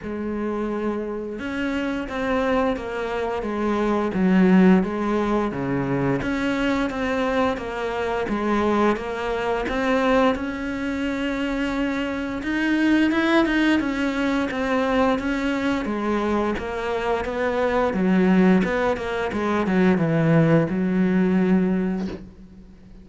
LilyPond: \new Staff \with { instrumentName = "cello" } { \time 4/4 \tempo 4 = 87 gis2 cis'4 c'4 | ais4 gis4 fis4 gis4 | cis4 cis'4 c'4 ais4 | gis4 ais4 c'4 cis'4~ |
cis'2 dis'4 e'8 dis'8 | cis'4 c'4 cis'4 gis4 | ais4 b4 fis4 b8 ais8 | gis8 fis8 e4 fis2 | }